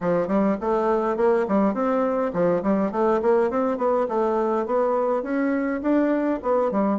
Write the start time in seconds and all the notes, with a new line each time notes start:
0.01 F3
0.27 G3
0.61 A3
1.17 A#3
1.47 G3
1.73 C4
2.33 F3
2.62 G3
2.91 A3
3.22 A#3
3.50 C4
3.77 B3
4.08 A3
4.66 B3
5.23 C#4
5.81 D4
6.42 B3
6.71 G3